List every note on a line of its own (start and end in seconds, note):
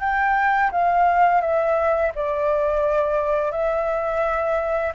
0.00 0.71 G5
0.72 1.41 F5
1.41 2.12 E5
2.15 3.51 D5
3.51 4.93 E5